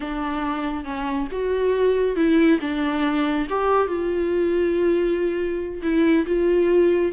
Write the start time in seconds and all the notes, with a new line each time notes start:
0.00 D4
0.84 C#4
1.31 F#4
2.15 E4
2.60 D4
3.49 G4
3.87 F4
5.82 E4
6.26 F4